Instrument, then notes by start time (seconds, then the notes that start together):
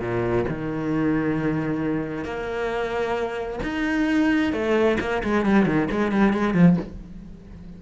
cello
0.00 A#2
0.49 D#3
2.25 A#3
3.64 D#4
4.53 A3
5.00 A#3
5.24 G#3
5.46 G3
5.66 D#3
5.91 G#3
6.12 G3
6.33 G#3
6.54 F3